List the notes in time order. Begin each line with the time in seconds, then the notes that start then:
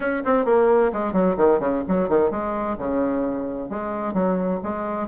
0.00 C#4
0.24 C4
0.45 A#3
0.93 G#3
1.12 F#3
1.36 D#3
1.59 C#3
1.88 F#3
2.08 D#3
2.30 G#3
2.77 C#3
3.69 G#3
4.13 F#3
4.63 G#3